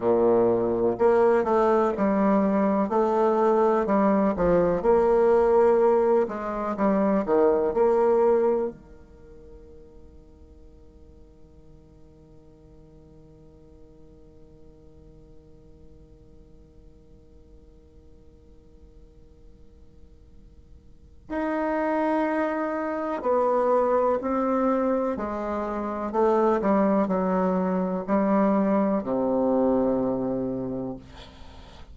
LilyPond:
\new Staff \with { instrumentName = "bassoon" } { \time 4/4 \tempo 4 = 62 ais,4 ais8 a8 g4 a4 | g8 f8 ais4. gis8 g8 dis8 | ais4 dis2.~ | dis1~ |
dis1~ | dis2 dis'2 | b4 c'4 gis4 a8 g8 | fis4 g4 c2 | }